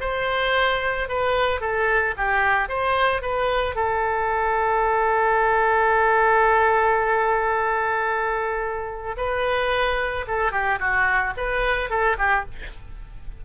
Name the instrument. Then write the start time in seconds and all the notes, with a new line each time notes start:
oboe
0.00 C5
1.08 B4
1.60 A4
2.16 G4
2.68 C5
3.21 B4
3.75 A4
9.17 B4
10.27 A4
10.52 G4
10.79 F#4
11.36 B4
11.89 A4
12.18 G4